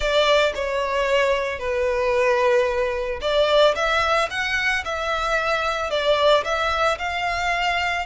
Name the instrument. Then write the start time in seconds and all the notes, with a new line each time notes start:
violin
0.00 D5
0.54 C#5
1.59 B4
3.21 D5
3.75 E5
4.30 F#5
4.84 E5
5.90 D5
6.44 E5
6.98 F5